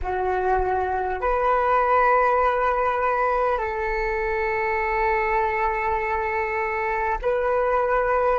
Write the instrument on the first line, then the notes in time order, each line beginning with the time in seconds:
flute
0.02 F#4
1.21 B4
3.58 A4
7.22 B4